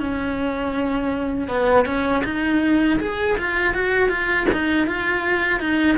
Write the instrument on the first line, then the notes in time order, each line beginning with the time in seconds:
cello
0.00 C#4
1.48 B3
1.85 C#4
2.25 D#4
3.00 G#4
3.38 F4
3.74 F#4
4.09 F4
4.52 D#4
4.87 F4
5.60 D#4